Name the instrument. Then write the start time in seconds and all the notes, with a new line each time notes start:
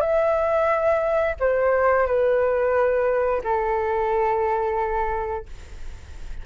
flute
0.00 E5
1.39 C5
2.06 B4
3.44 A4